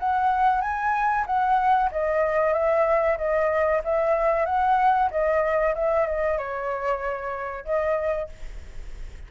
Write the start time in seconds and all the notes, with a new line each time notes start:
0.00 F#5
0.62 G#5
1.26 F#5
1.92 D#5
2.54 E5
3.18 D#5
3.84 E5
4.46 F#5
5.11 D#5
5.75 E5
6.07 D#5
6.38 C#5
7.65 D#5